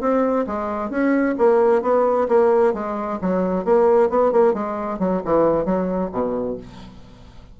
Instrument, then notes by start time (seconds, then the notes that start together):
bassoon
0.00 C4
0.46 G#3
0.90 C#4
1.38 A#3
1.82 B3
2.28 A#3
2.74 G#3
3.21 F#3
3.64 A#3
4.09 B3
4.32 A#3
4.53 G#3
4.99 F#3
5.24 E3
5.65 F#3
6.12 B2